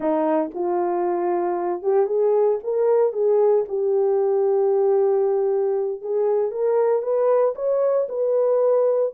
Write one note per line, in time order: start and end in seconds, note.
0.00 0.51 D#4
0.54 1.82 F4
1.82 2.06 G4
2.06 2.58 G#4
2.63 3.12 A#4
3.12 3.65 G#4
3.68 6.01 G4
6.01 6.51 G#4
6.51 7.02 A#4
7.02 7.54 B4
7.55 8.07 C#5
8.08 9.13 B4